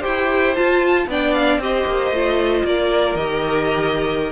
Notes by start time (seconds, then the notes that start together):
0.00 E4 G4 C5 G5
0.55 F4 A5
1.06 B3 D4 D5 G5
1.33 F5
1.57 C4 G4 C5 D#5
1.85 A#3
2.10 A3 F4
2.64 A#3 A#4 D5
3.15 D#3 G4 D#5